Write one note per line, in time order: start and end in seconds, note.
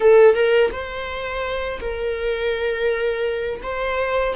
0.00 0.34 A4
0.34 0.70 A#4
0.71 1.80 C5
1.80 3.61 A#4
3.62 4.35 C5